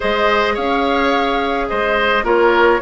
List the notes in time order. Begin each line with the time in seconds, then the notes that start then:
0.00 G#3 G#4 C5 D#5
0.54 C#4 C#5 F5
1.68 G#3 C5 D#5
2.23 A#3 F4 A#4 C#5